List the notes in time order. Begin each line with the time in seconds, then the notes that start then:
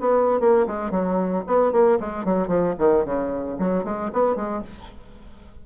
0.00 B3
0.40 A#3
0.67 G#3
0.91 F#3
1.47 B3
1.72 A#3
2.00 G#3
2.24 F#3
2.47 F3
2.78 D#3
3.05 C#3
3.58 F#3
3.84 G#3
4.13 B3
4.35 G#3